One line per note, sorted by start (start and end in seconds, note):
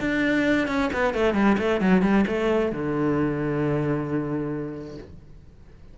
0.00 0.67 D4
0.67 0.90 C#4
0.93 1.14 B3
1.14 1.34 A3
1.34 1.56 G3
1.58 1.80 A3
1.80 2.02 F#3
2.02 2.24 G3
2.27 2.72 A3
2.72 4.97 D3